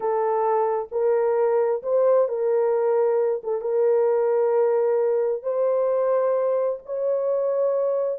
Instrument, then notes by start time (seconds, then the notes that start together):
horn
0.00 A4
0.91 A#4
1.83 C5
2.28 A#4
3.43 A4
3.61 A#4
5.43 C5
6.85 C#5